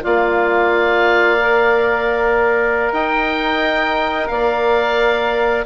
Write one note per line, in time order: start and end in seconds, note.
0.00 2.92 A#3
0.00 1.36 F4
0.00 2.93 D5
0.00 2.93 F5
1.41 5.65 A#4
2.92 4.29 D#4
2.92 4.29 D#5
2.92 4.28 G5
4.28 5.65 A#3
4.28 5.65 D5
4.28 5.64 F5